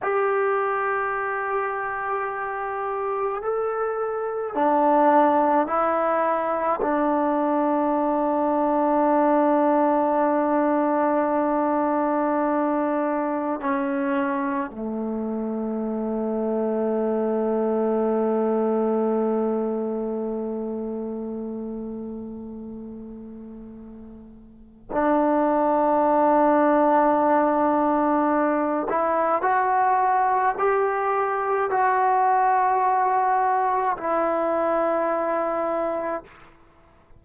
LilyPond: \new Staff \with { instrumentName = "trombone" } { \time 4/4 \tempo 4 = 53 g'2. a'4 | d'4 e'4 d'2~ | d'1 | cis'4 a2.~ |
a1~ | a2 d'2~ | d'4. e'8 fis'4 g'4 | fis'2 e'2 | }